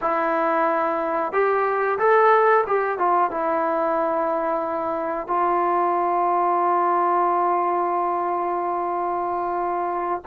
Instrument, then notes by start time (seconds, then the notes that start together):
trombone
0.01 E4
1.32 G4
1.98 A4
2.66 G4
2.98 F4
3.30 E4
5.27 F4